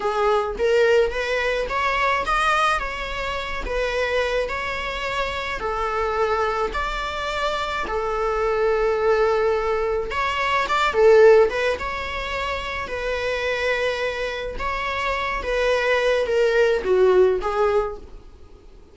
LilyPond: \new Staff \with { instrumentName = "viola" } { \time 4/4 \tempo 4 = 107 gis'4 ais'4 b'4 cis''4 | dis''4 cis''4. b'4. | cis''2 a'2 | d''2 a'2~ |
a'2 cis''4 d''8 a'8~ | a'8 b'8 cis''2 b'4~ | b'2 cis''4. b'8~ | b'4 ais'4 fis'4 gis'4 | }